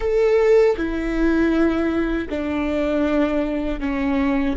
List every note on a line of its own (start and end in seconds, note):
0.00 0.76 A4
0.76 2.28 E4
2.29 3.80 D4
3.80 4.56 C#4